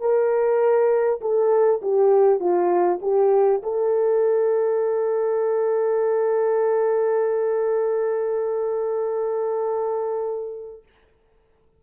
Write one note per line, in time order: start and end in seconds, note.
0.00 1.20 A#4
1.21 1.81 A4
1.81 2.39 G4
2.39 2.99 F4
3.02 3.62 G4
3.63 10.83 A4